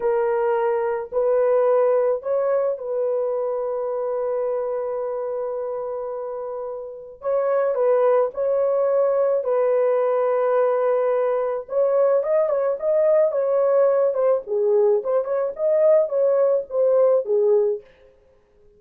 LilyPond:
\new Staff \with { instrumentName = "horn" } { \time 4/4 \tempo 4 = 108 ais'2 b'2 | cis''4 b'2.~ | b'1~ | b'4 cis''4 b'4 cis''4~ |
cis''4 b'2.~ | b'4 cis''4 dis''8 cis''8 dis''4 | cis''4. c''8 gis'4 c''8 cis''8 | dis''4 cis''4 c''4 gis'4 | }